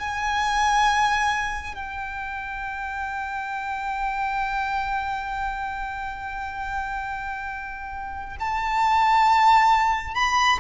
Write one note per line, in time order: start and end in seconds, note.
0.00 1.75 G#5
1.75 8.37 G5
8.40 10.15 A5
10.15 10.59 B5